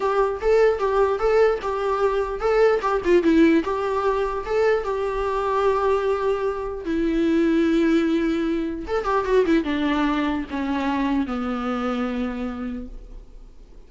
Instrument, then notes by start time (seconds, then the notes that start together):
viola
0.00 G4
0.41 A4
0.79 G4
1.19 A4
1.62 G4
2.40 A4
2.81 G4
3.05 F4
3.23 E4
3.64 G4
4.45 A4
4.84 G4
6.84 E4
8.87 A4
9.04 G4
9.25 F#4
9.45 E4
9.64 D4
10.50 C#4
11.26 B3